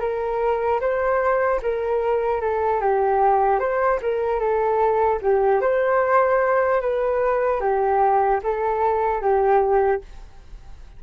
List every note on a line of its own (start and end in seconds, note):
0.00 0.80 A#4
0.81 1.61 C5
1.62 2.41 A#4
2.41 2.81 A4
2.81 3.59 G4
3.59 4.00 C5
4.02 4.40 A#4
4.40 5.20 A4
5.22 5.61 G4
5.61 6.81 C5
6.81 7.61 B4
7.61 8.41 G4
8.43 9.21 A4
9.21 10.01 G4